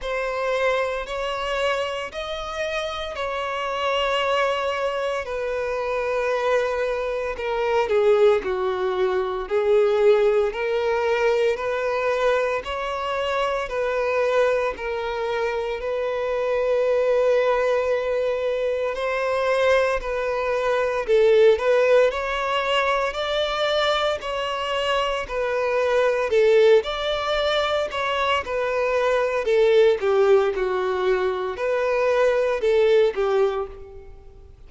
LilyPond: \new Staff \with { instrumentName = "violin" } { \time 4/4 \tempo 4 = 57 c''4 cis''4 dis''4 cis''4~ | cis''4 b'2 ais'8 gis'8 | fis'4 gis'4 ais'4 b'4 | cis''4 b'4 ais'4 b'4~ |
b'2 c''4 b'4 | a'8 b'8 cis''4 d''4 cis''4 | b'4 a'8 d''4 cis''8 b'4 | a'8 g'8 fis'4 b'4 a'8 g'8 | }